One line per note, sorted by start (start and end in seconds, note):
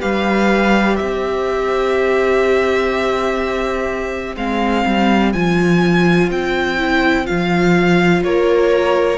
0.00 1.00 G3
0.00 4.35 G4
0.00 0.98 B4
0.00 0.97 F5
0.97 4.36 C4
0.97 8.24 C5
0.97 4.35 E5
4.36 4.85 G#3
4.36 5.34 C4
4.36 5.33 F5
4.86 5.34 G3
5.33 6.31 F3
5.33 6.78 F4
5.33 6.30 G#5
6.31 7.28 C4
6.31 7.26 G5
6.78 7.25 E4
7.25 8.23 F3
7.25 9.18 F4
7.25 8.23 F5
8.23 9.18 A#3
8.23 9.18 A#4
8.23 9.18 C#5